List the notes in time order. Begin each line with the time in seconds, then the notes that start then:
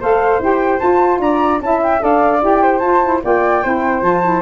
0.00 A3 A4 C5 F5
0.39 E4 G4 G5
0.79 F4 A5
1.19 D4 D5 A#5
1.61 C#4 E4 E5 A5
1.83 G5
2.00 D4 A4 D5 F5
2.41 E4 G4 G5
2.63 C5
2.79 F4 A5
3.03 E4
3.23 A#3 F4 D5 G5
3.63 C4 E4 C5
4.02 F3 F4 A5
4.23 E4